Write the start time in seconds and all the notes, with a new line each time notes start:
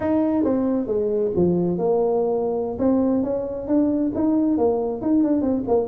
0.00 D#4
0.44 C4
0.87 G#3
1.35 F3
1.77 A#3
2.78 C4
3.23 C#4
3.67 D4
4.14 D#4
4.57 A#3
5.01 D#4
5.23 D4
5.41 C4
5.67 A#3